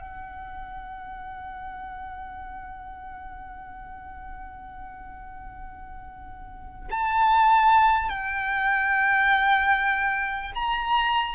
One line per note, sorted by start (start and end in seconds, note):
0.00 6.89 F#5
6.91 8.10 A5
8.10 10.53 G5
10.55 11.35 A#5